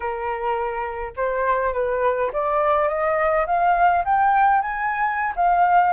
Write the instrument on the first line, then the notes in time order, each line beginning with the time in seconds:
flute
0.00 A#4
1.16 C5
1.73 B4
2.32 D5
2.88 D#5
3.46 F5
4.04 G5
4.61 G#5
5.35 F5